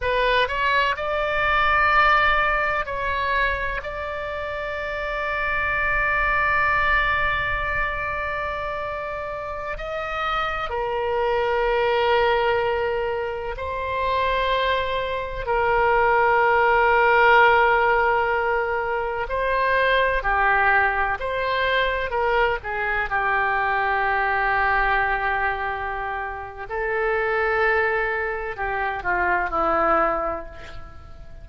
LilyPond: \new Staff \with { instrumentName = "oboe" } { \time 4/4 \tempo 4 = 63 b'8 cis''8 d''2 cis''4 | d''1~ | d''2~ d''16 dis''4 ais'8.~ | ais'2~ ais'16 c''4.~ c''16~ |
c''16 ais'2.~ ais'8.~ | ais'16 c''4 g'4 c''4 ais'8 gis'16~ | gis'16 g'2.~ g'8. | a'2 g'8 f'8 e'4 | }